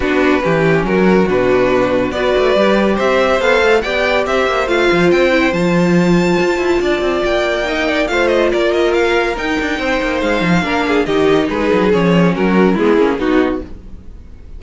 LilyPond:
<<
  \new Staff \with { instrumentName = "violin" } { \time 4/4 \tempo 4 = 141 b'2 ais'4 b'4~ | b'4 d''2 e''4 | f''4 g''4 e''4 f''4 | g''4 a''2.~ |
a''4 g''2 f''8 dis''8 | d''8 dis''8 f''4 g''2 | f''2 dis''4 b'4 | cis''4 ais'4 gis'4 fis'4 | }
  \new Staff \with { instrumentName = "violin" } { \time 4/4 fis'4 g'4 fis'2~ | fis'4 b'2 c''4~ | c''4 d''4 c''2~ | c''1 |
d''2 dis''8 d''8 c''4 | ais'2. c''4~ | c''4 ais'8 gis'8 g'4 gis'4~ | gis'4 fis'4 e'4 dis'4 | }
  \new Staff \with { instrumentName = "viola" } { \time 4/4 d'4 cis'2 d'4~ | d'4 fis'4 g'2 | a'4 g'2 f'4~ | f'8 e'8 f'2.~ |
f'2 dis'4 f'4~ | f'2 dis'2~ | dis'4 d'4 dis'2 | cis'2 b8 cis'8 dis'4 | }
  \new Staff \with { instrumentName = "cello" } { \time 4/4 b4 e4 fis4 b,4~ | b,4 b8 a8 g4 c'4 | b8 a8 b4 c'8 ais8 a8 f8 | c'4 f2 f'8 e'8 |
d'8 c'8 ais2 a4 | ais2 dis'8 d'8 c'8 ais8 | gis8 f8 ais4 dis4 gis8 fis8 | f4 fis4 gis8 ais8 b4 | }
>>